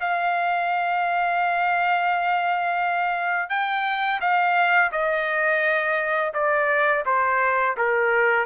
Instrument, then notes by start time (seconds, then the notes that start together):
trumpet
0.00 F5
3.49 G5
4.21 F5
4.92 D#5
6.34 D5
7.06 C5
7.77 A#4